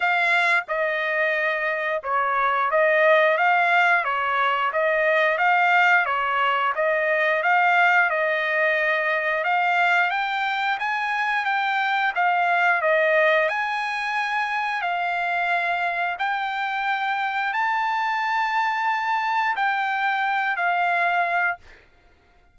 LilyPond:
\new Staff \with { instrumentName = "trumpet" } { \time 4/4 \tempo 4 = 89 f''4 dis''2 cis''4 | dis''4 f''4 cis''4 dis''4 | f''4 cis''4 dis''4 f''4 | dis''2 f''4 g''4 |
gis''4 g''4 f''4 dis''4 | gis''2 f''2 | g''2 a''2~ | a''4 g''4. f''4. | }